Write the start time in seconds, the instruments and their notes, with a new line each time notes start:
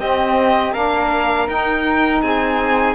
0.00 cello C4, saxophone C4, flute G4, violin D#5
0.73 cello A#3, saxophone D4, flute A#4, violin F5
1.48 cello D#4, saxophone D#4, violin G5
2.22 cello C4, flute G#4, violin G#5